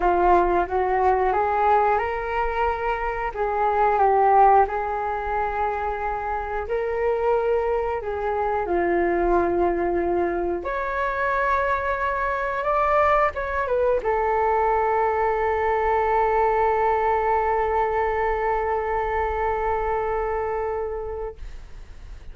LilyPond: \new Staff \with { instrumentName = "flute" } { \time 4/4 \tempo 4 = 90 f'4 fis'4 gis'4 ais'4~ | ais'4 gis'4 g'4 gis'4~ | gis'2 ais'2 | gis'4 f'2. |
cis''2. d''4 | cis''8 b'8 a'2.~ | a'1~ | a'1 | }